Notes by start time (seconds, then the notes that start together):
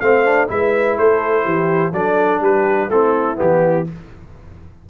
0.00 A3 C4 C5 F5
0.25 D4
0.48 G#3 E4 B4 E5
0.98 A3 A4 C5
1.44 E3 G4
1.92 F#3 D4 A4 D5
2.41 G3 G4 B4
2.89 A3 C4 E4 A4
3.36 E3 B3 G4